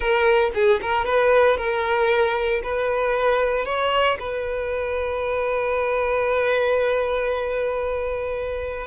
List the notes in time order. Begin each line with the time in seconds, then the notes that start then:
0.00 A#4
0.54 G#4
0.81 A#4
1.05 B4
1.57 A#4
2.63 B4
3.65 C#5
4.19 B4